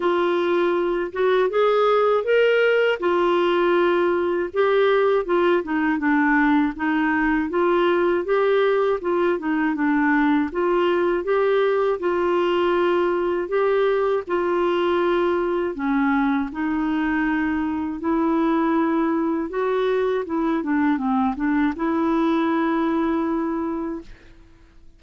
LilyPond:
\new Staff \with { instrumentName = "clarinet" } { \time 4/4 \tempo 4 = 80 f'4. fis'8 gis'4 ais'4 | f'2 g'4 f'8 dis'8 | d'4 dis'4 f'4 g'4 | f'8 dis'8 d'4 f'4 g'4 |
f'2 g'4 f'4~ | f'4 cis'4 dis'2 | e'2 fis'4 e'8 d'8 | c'8 d'8 e'2. | }